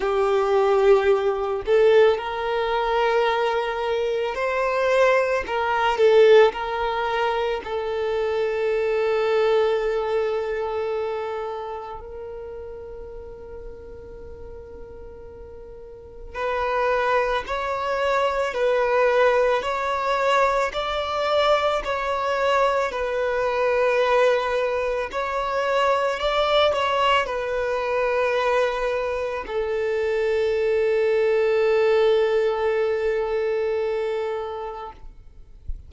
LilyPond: \new Staff \with { instrumentName = "violin" } { \time 4/4 \tempo 4 = 55 g'4. a'8 ais'2 | c''4 ais'8 a'8 ais'4 a'4~ | a'2. ais'4~ | ais'2. b'4 |
cis''4 b'4 cis''4 d''4 | cis''4 b'2 cis''4 | d''8 cis''8 b'2 a'4~ | a'1 | }